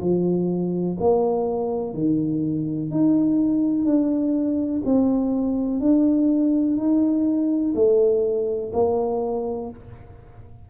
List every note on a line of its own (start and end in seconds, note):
0.00 0.97 F3
0.99 1.94 A#3
1.94 2.90 D#3
2.90 3.84 D#4
3.84 4.81 D4
4.85 5.80 C4
5.80 6.77 D4
6.77 7.73 D#4
7.75 8.71 A3
8.73 9.70 A#3